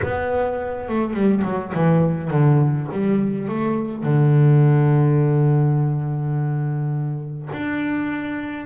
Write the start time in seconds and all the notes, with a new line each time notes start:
0.02 B3
0.88 A3
1.13 G3
1.44 F#3
1.73 E3
2.30 D3
2.92 G3
3.48 A3
4.03 D3
7.52 D4